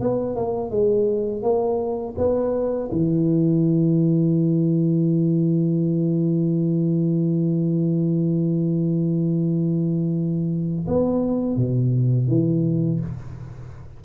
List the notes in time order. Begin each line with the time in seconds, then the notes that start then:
0.00 B3
0.35 A#3
0.70 G#3
1.42 A#3
2.17 B3
2.91 E3
10.87 B3
11.56 B2
12.27 E3